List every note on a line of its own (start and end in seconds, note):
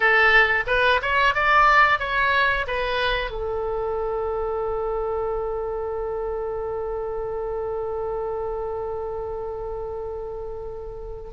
0.00 0.63 A4
0.67 1.00 B4
1.02 1.34 C#5
1.34 1.99 D5
1.99 2.65 C#5
2.67 3.30 B4
3.30 11.30 A4